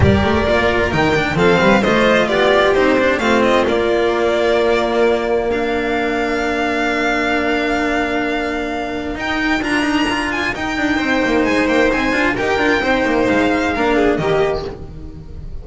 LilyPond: <<
  \new Staff \with { instrumentName = "violin" } { \time 4/4 \tempo 4 = 131 d''2 g''4 f''4 | dis''4 d''4 c''4 f''8 dis''8 | d''1 | f''1~ |
f''1 | g''4 ais''4. gis''8 g''4~ | g''4 gis''8 g''8 gis''4 g''4~ | g''4 f''2 dis''4 | }
  \new Staff \with { instrumentName = "violin" } { \time 4/4 ais'2. a'8 b'8 | c''4 g'2 f'4~ | f'1 | ais'1~ |
ais'1~ | ais'1 | c''2. ais'4 | c''2 ais'8 gis'8 g'4 | }
  \new Staff \with { instrumentName = "cello" } { \time 4/4 g'4 f'4 dis'8 d'8 c'4 | f'2 dis'8 d'8 c'4 | ais1 | d'1~ |
d'1 | dis'4 f'8 dis'8 f'4 dis'4~ | dis'2~ dis'8 f'8 g'8 f'8 | dis'2 d'4 ais4 | }
  \new Staff \with { instrumentName = "double bass" } { \time 4/4 g8 a8 ais4 dis4 f8 g8 | a4 b4 c'4 a4 | ais1~ | ais1~ |
ais1 | dis'4 d'2 dis'8 d'8 | c'8 ais8 gis8 ais8 c'8 d'8 dis'8 d'8 | c'8 ais8 gis4 ais4 dis4 | }
>>